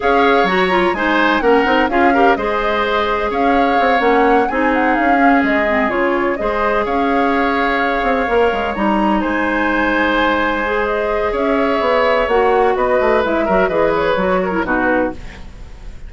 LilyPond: <<
  \new Staff \with { instrumentName = "flute" } { \time 4/4 \tempo 4 = 127 f''4 ais''4 gis''4 fis''4 | f''4 dis''2 f''4~ | f''8 fis''4 gis''8 fis''8 f''4 dis''8~ | dis''8 cis''4 dis''4 f''4.~ |
f''2~ f''8 ais''4 gis''8~ | gis''2. dis''4 | e''2 fis''4 dis''4 | e''4 dis''8 cis''4. b'4 | }
  \new Staff \with { instrumentName = "oboe" } { \time 4/4 cis''2 c''4 ais'4 | gis'8 ais'8 c''2 cis''4~ | cis''4. gis'2~ gis'8~ | gis'4. c''4 cis''4.~ |
cis''2.~ cis''8 c''8~ | c''1 | cis''2. b'4~ | b'8 ais'8 b'4. ais'8 fis'4 | }
  \new Staff \with { instrumentName = "clarinet" } { \time 4/4 gis'4 fis'8 f'8 dis'4 cis'8 dis'8 | f'8 g'8 gis'2.~ | gis'8 cis'4 dis'4. cis'4 | c'8 f'4 gis'2~ gis'8~ |
gis'4. ais'4 dis'4.~ | dis'2~ dis'8 gis'4.~ | gis'2 fis'2 | e'8 fis'8 gis'4 fis'8. e'16 dis'4 | }
  \new Staff \with { instrumentName = "bassoon" } { \time 4/4 cis'4 fis4 gis4 ais8 c'8 | cis'4 gis2 cis'4 | c'8 ais4 c'4 cis'4 gis8~ | gis8 cis4 gis4 cis'4.~ |
cis'4 c'8 ais8 gis8 g4 gis8~ | gis1 | cis'4 b4 ais4 b8 a8 | gis8 fis8 e4 fis4 b,4 | }
>>